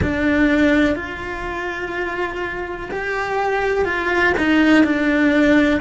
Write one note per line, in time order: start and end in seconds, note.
0.02 0.95 D4
0.95 2.89 F4
2.91 3.84 G4
3.84 4.33 F4
4.37 4.84 D#4
4.84 5.81 D4